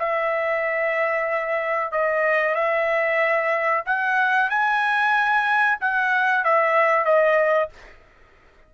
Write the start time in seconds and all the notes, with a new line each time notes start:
0.00 E5
1.92 D#5
2.55 E5
3.87 F#5
4.50 G#5
5.81 F#5
6.45 E5
7.06 D#5